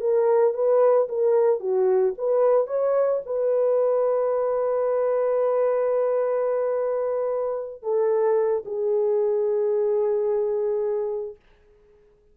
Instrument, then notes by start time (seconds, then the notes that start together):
horn
0.00 A#4
0.54 B4
1.08 A#4
1.60 F#4
2.18 B4
2.67 C#5
3.26 B4
7.82 A4
8.65 G#4